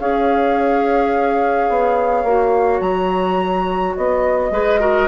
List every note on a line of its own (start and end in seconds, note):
0.00 1.70 C#4
0.00 2.27 G#4
0.00 4.53 C#5
0.00 2.81 F5
1.70 2.24 B3
2.24 2.80 A#3
2.24 4.53 F#4
2.81 3.94 F#3
2.81 3.95 A#5
3.96 4.51 B3
3.96 5.09 D#5
4.51 5.08 G#3
4.51 4.80 G#4
4.51 4.81 B4
4.80 5.08 F#4
4.80 5.09 A#4